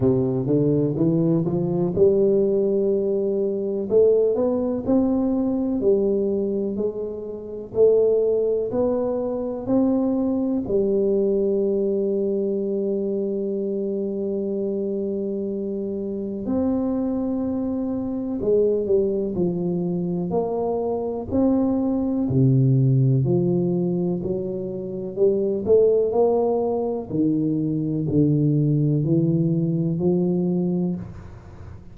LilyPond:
\new Staff \with { instrumentName = "tuba" } { \time 4/4 \tempo 4 = 62 c8 d8 e8 f8 g2 | a8 b8 c'4 g4 gis4 | a4 b4 c'4 g4~ | g1~ |
g4 c'2 gis8 g8 | f4 ais4 c'4 c4 | f4 fis4 g8 a8 ais4 | dis4 d4 e4 f4 | }